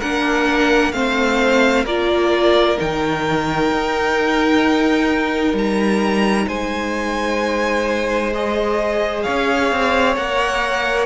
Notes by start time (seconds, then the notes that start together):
0.00 A#3 D4 A#4 F#5
0.92 A3 C4 C5 F5
1.84 A#3 F4 A#4 D5
2.76 D#3 D#4 G5
3.72 D#4
5.53 G3 A#5
6.47 G#3 C5 G#5
8.34 G#4 D#5
9.23 C#4 C#5 F5
9.72 C4
10.16 A#3 A#4 F#5